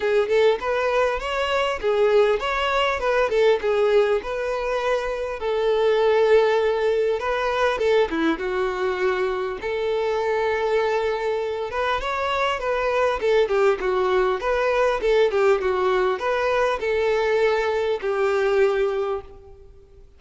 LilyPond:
\new Staff \with { instrumentName = "violin" } { \time 4/4 \tempo 4 = 100 gis'8 a'8 b'4 cis''4 gis'4 | cis''4 b'8 a'8 gis'4 b'4~ | b'4 a'2. | b'4 a'8 e'8 fis'2 |
a'2.~ a'8 b'8 | cis''4 b'4 a'8 g'8 fis'4 | b'4 a'8 g'8 fis'4 b'4 | a'2 g'2 | }